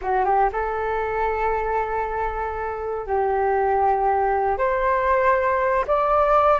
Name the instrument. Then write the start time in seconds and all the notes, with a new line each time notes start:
flute
0.01 F#4
0.24 G4
0.52 A4
3.06 G4
4.58 C5
5.87 D5